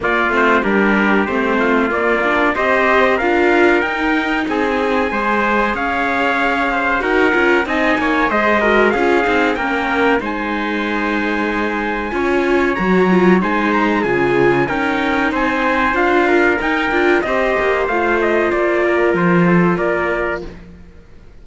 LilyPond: <<
  \new Staff \with { instrumentName = "trumpet" } { \time 4/4 \tempo 4 = 94 d''8 c''8 ais'4 c''4 d''4 | dis''4 f''4 g''4 gis''4~ | gis''4 f''2 fis''4 | gis''4 dis''4 f''4 g''4 |
gis''1 | ais''4 gis''8 ais''8 gis''4 g''4 | gis''4 f''4 g''4 dis''4 | f''8 dis''8 d''4 c''4 d''4 | }
  \new Staff \with { instrumentName = "trumpet" } { \time 4/4 f'4 g'4. f'4. | c''4 ais'2 gis'4 | c''4 cis''4. c''8 ais'4 | dis''8 cis''8 c''8 ais'8 gis'4 ais'4 |
c''2. cis''4~ | cis''4 c''4 gis'4 ais'4 | c''4. ais'4. c''4~ | c''4. ais'4 a'8 ais'4 | }
  \new Staff \with { instrumentName = "viola" } { \time 4/4 ais8 c'8 d'4 c'4 ais8 d'8 | g'4 f'4 dis'2 | gis'2. fis'8 f'8 | dis'4 gis'8 fis'8 f'8 dis'8 cis'4 |
dis'2. f'4 | fis'8 f'8 dis'4 f'4 dis'4~ | dis'4 f'4 dis'8 f'8 g'4 | f'1 | }
  \new Staff \with { instrumentName = "cello" } { \time 4/4 ais8 a8 g4 a4 ais4 | c'4 d'4 dis'4 c'4 | gis4 cis'2 dis'8 cis'8 | c'8 ais8 gis4 cis'8 c'8 ais4 |
gis2. cis'4 | fis4 gis4 cis4 cis'4 | c'4 d'4 dis'8 d'8 c'8 ais8 | a4 ais4 f4 ais4 | }
>>